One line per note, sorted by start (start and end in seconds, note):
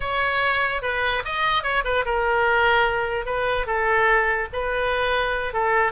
0.00 0.82 C#5
0.82 1.22 B4
1.24 1.63 D#5
1.63 1.83 C#5
1.84 2.04 B4
2.05 3.25 A#4
3.25 3.66 B4
3.66 4.48 A4
4.53 5.53 B4
5.53 5.91 A4